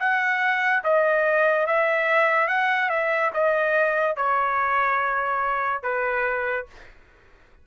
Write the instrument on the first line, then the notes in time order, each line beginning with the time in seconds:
trumpet
0.00 F#5
0.84 D#5
1.67 E5
2.48 F#5
2.90 E5
3.34 D#5
4.16 C#5
5.83 B4